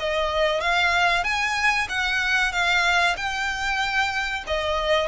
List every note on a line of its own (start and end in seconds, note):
0.00 0.61 D#5
0.61 1.24 F5
1.24 1.88 G#5
1.89 2.52 F#5
2.52 3.16 F5
3.17 4.44 G5
4.47 5.08 D#5